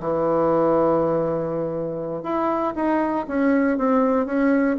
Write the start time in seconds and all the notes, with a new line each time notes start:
0.00 E3
2.23 E4
2.75 D#4
3.28 C#4
3.77 C4
4.26 C#4